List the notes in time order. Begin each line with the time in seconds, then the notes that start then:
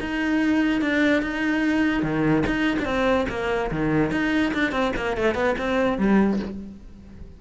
0.00 D#4
0.81 D4
1.22 D#4
2.03 D#3
2.46 D#4
2.79 C4 D4
3.29 A#3
3.71 D#3
4.11 D#4
4.54 D4
4.72 C4
4.96 A#3
5.17 A3
5.35 B3
5.58 C4
5.98 G3